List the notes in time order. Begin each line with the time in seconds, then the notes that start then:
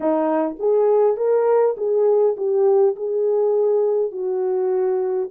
0.00 D#4
0.59 G#4
1.17 A#4
1.77 G#4
2.36 G4
2.96 G#4
4.11 F#4